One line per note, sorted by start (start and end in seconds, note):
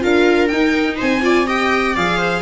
0.00 0.53 D4
0.00 0.48 F4
0.00 0.97 A#4
0.00 0.48 F5
0.48 1.22 D#4
0.48 1.01 D#4
0.48 0.96 G5
0.97 1.97 C4
0.97 1.21 C5
0.97 1.49 G#5
1.22 1.46 F4
1.22 1.47 D5
1.47 1.96 G4
1.47 1.95 D#5
1.47 1.96 G5
1.95 2.42 F3
1.95 2.42 G#4
1.95 2.18 D5
1.95 2.42 F5
2.18 2.42 C5